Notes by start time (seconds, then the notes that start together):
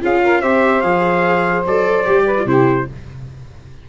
0.00 C#4 F4 G#4 F5
0.23 A#4
0.41 C4 G4 C5 E5
0.81 F3 G#4 F5
1.65 F#3 A4 D5
2.05 G3 G4
2.25 B4
2.38 F4
2.45 C3 E4 G4 C5